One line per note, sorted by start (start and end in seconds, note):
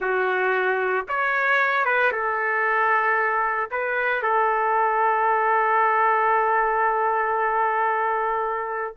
0.00 1.06 F#4
1.08 1.85 C#5
1.85 2.11 B4
2.11 3.69 A4
3.70 4.22 B4
4.22 8.96 A4